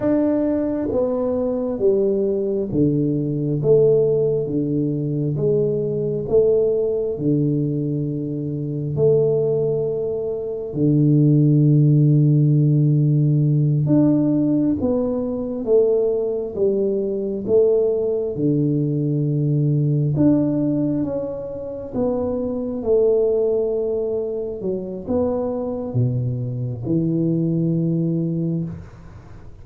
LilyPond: \new Staff \with { instrumentName = "tuba" } { \time 4/4 \tempo 4 = 67 d'4 b4 g4 d4 | a4 d4 gis4 a4 | d2 a2 | d2.~ d8 d'8~ |
d'8 b4 a4 g4 a8~ | a8 d2 d'4 cis'8~ | cis'8 b4 a2 fis8 | b4 b,4 e2 | }